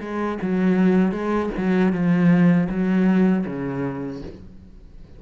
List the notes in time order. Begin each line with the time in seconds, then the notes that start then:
0.00 G#3
0.42 F#3
1.12 G#3
1.58 F#3
1.92 F3
2.70 F#3
3.46 C#3